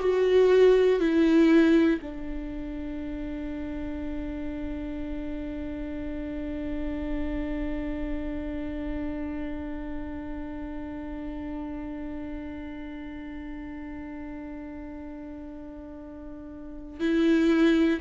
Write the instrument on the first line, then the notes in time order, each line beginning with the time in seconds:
viola
0.00 F#4
1.00 E4
2.02 D4
17.00 E4